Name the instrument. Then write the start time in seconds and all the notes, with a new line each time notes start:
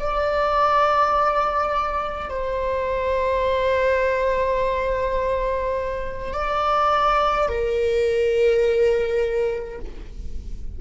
viola
0.00 D5
2.30 C5
6.34 D5
7.48 A#4